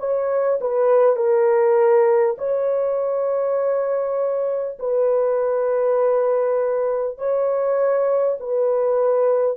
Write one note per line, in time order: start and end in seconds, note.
0.00 0.60 C#5
0.61 1.17 B4
1.17 2.37 A#4
2.38 4.78 C#5
4.79 7.19 B4
7.19 8.39 C#5
8.41 9.58 B4